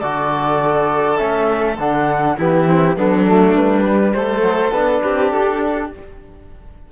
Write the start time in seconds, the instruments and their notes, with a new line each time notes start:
0.00 cello D3, trombone F#4, violin A4, flute D5
1.18 cello A3, trombone C#4, flute E5
1.79 cello D3, trombone D4, flute F#5
2.38 cello E3, trombone B3, violin E4, flute G4
2.67 trombone C4
2.97 cello F#3, trombone B3, violin D4, flute A4
3.29 trombone A3
3.55 cello G3, flute B4
3.85 trombone G3
4.14 cello A3, violin A4, flute C5
4.41 trombone F#3
4.72 cello B3, trombone D4, flute B4
5.03 cello C4, violin G4
5.32 cello D4, flute A4